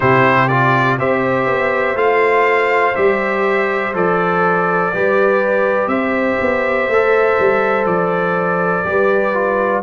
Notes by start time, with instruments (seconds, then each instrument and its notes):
0.00 tuba C3, trombone E4, horn G4, trumpet C5
0.48 trombone F4, trumpet D5
0.98 tuba C4, trombone G4, horn C5, trumpet E5
1.46 tuba B3
1.95 tuba A3, trombone F4, trumpet F5
2.94 tuba G3, trombone G4, trumpet E5
3.93 tuba F3, trombone A4, trumpet D5
4.93 tuba G3, trombone G4, horn B4
5.87 tuba C4, horn C5, trumpet E5
6.41 tuba B3
6.88 tuba A3, trombone A4
7.39 tuba G3
7.85 tuba F3, trumpet D5
8.84 tuba G3, trombone G4, horn B4
9.34 trombone F4